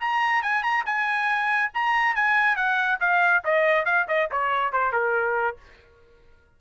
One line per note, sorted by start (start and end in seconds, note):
0.00 0.42 A#5
0.42 0.63 G#5
0.63 0.84 A#5
0.86 1.72 G#5
1.74 2.15 A#5
2.15 2.56 G#5
2.56 2.99 F#5
3.00 3.43 F5
3.45 3.85 D#5
3.85 4.07 F5
4.08 4.30 D#5
4.31 4.72 C#5
4.72 4.92 C5
4.92 5.57 A#4